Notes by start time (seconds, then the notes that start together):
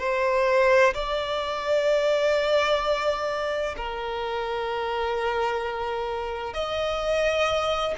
0.00 C5
0.94 D5
3.77 A#4
6.54 D#5